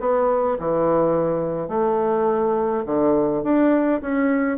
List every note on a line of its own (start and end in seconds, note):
0.00 0.58 B3
0.59 1.68 E3
1.68 2.84 A3
2.86 3.44 D3
3.44 4.01 D4
4.01 4.58 C#4